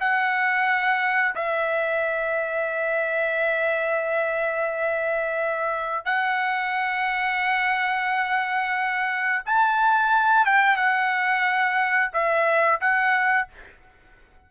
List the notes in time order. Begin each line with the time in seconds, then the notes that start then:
0.00 F#5
1.36 E5
6.06 F#5
9.46 A5
10.46 G5
10.77 F#5
12.13 E5
12.81 F#5